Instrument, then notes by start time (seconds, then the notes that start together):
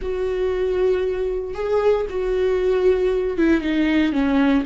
viola
0.01 F#4
1.54 G#4
2.09 F#4
3.37 E4
3.61 D#4
4.12 C#4